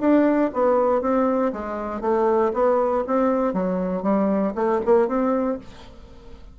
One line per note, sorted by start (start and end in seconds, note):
0.00 0.51 D4
0.53 1.01 B3
1.01 1.52 C4
1.52 2.01 G#3
2.01 2.52 A3
2.53 3.04 B3
3.07 3.53 C4
3.53 4.02 F#3
4.02 4.53 G3
4.55 4.80 A3
4.85 5.08 A#3
5.08 5.58 C4